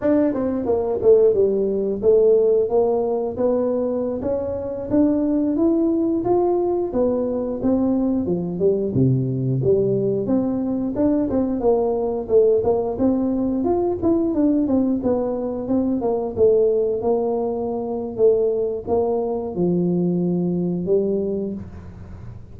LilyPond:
\new Staff \with { instrumentName = "tuba" } { \time 4/4 \tempo 4 = 89 d'8 c'8 ais8 a8 g4 a4 | ais4 b4~ b16 cis'4 d'8.~ | d'16 e'4 f'4 b4 c'8.~ | c'16 f8 g8 c4 g4 c'8.~ |
c'16 d'8 c'8 ais4 a8 ais8 c'8.~ | c'16 f'8 e'8 d'8 c'8 b4 c'8 ais16~ | ais16 a4 ais4.~ ais16 a4 | ais4 f2 g4 | }